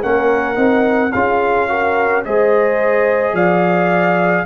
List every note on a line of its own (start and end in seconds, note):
0.00 0.57 A#3
0.00 0.55 C#4
0.00 1.11 A#4
0.00 1.12 F#5
0.55 1.12 C4
0.55 1.10 D#4
1.12 2.25 C#4
1.12 1.68 F4
1.12 1.69 G#4
1.12 2.23 F5
1.68 2.24 F#4
1.68 2.25 A#4
2.24 3.33 G#3
2.24 4.46 G#4
2.24 3.34 C5
2.24 3.35 D#5
3.33 4.44 F3
3.33 4.45 D5
3.33 4.46 F5